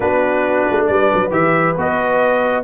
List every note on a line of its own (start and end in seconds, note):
0.00 0.66 B3
0.00 1.30 D4
0.00 0.87 F#4
0.00 0.86 B4
0.70 0.89 A3
0.86 1.11 G3
0.86 2.64 B4
0.86 1.31 D5
1.14 1.31 F#3
1.30 1.75 E3
1.30 1.74 G4
1.30 1.76 E5
1.77 2.64 B3
1.77 2.64 F#4
1.77 2.64 D#5